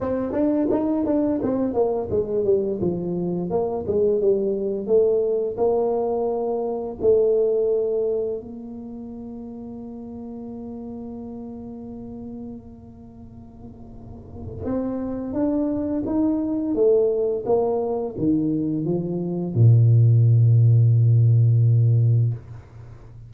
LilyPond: \new Staff \with { instrumentName = "tuba" } { \time 4/4 \tempo 4 = 86 c'8 d'8 dis'8 d'8 c'8 ais8 gis8 g8 | f4 ais8 gis8 g4 a4 | ais2 a2 | ais1~ |
ais1~ | ais4 c'4 d'4 dis'4 | a4 ais4 dis4 f4 | ais,1 | }